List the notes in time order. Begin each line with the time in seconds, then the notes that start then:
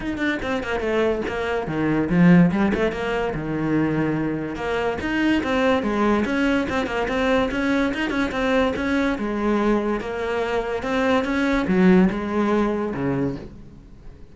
0.00 D#4
0.17 D4
0.42 C4
0.63 A#3
0.80 A3
1.28 A#3
1.67 D#3
2.09 F3
2.51 G3
2.74 A3
2.92 A#3
3.34 D#3
4.55 A#3
5.01 D#4
5.43 C4
5.82 G#3
6.25 C#4
6.69 C4
6.86 A#3
7.08 C4
7.51 C#4
7.94 D#4
8.10 C#4
8.31 C4
8.76 C#4
9.18 G#3
10.00 A#3
10.83 C4
11.24 C#4
11.67 F#3
12.10 G#3
12.94 C#3